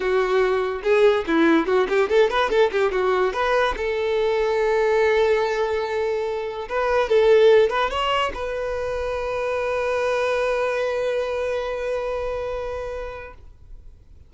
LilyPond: \new Staff \with { instrumentName = "violin" } { \time 4/4 \tempo 4 = 144 fis'2 gis'4 e'4 | fis'8 g'8 a'8 b'8 a'8 g'8 fis'4 | b'4 a'2.~ | a'1 |
b'4 a'4. b'8 cis''4 | b'1~ | b'1~ | b'1 | }